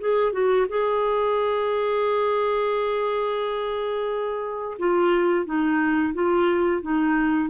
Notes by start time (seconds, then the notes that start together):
0.00 G#4
0.32 F#4
0.68 G#4
4.79 F4
5.45 D#4
6.14 F4
6.82 D#4